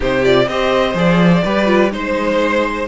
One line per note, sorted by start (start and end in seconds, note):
0.00 0.47 C3
0.00 0.24 D#4
0.00 0.47 G4
0.00 0.24 C5
0.24 0.48 F4
0.24 0.47 D5
0.47 0.94 C4
0.47 0.94 G4
0.47 1.43 C5
0.47 0.95 D#5
0.94 1.42 F3
0.94 1.42 G#4
0.94 1.92 D5
1.43 1.92 G3
1.43 1.66 G4
1.43 1.91 B4
1.66 1.90 F4
1.91 2.88 G#3
1.91 2.87 D#4
1.91 2.88 C5